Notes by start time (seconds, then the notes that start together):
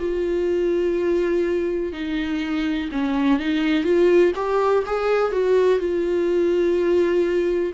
0.00 F4
1.93 D#4
2.92 C#4
3.40 D#4
3.84 F4
4.36 G4
4.87 G#4
5.32 F#4
5.80 F4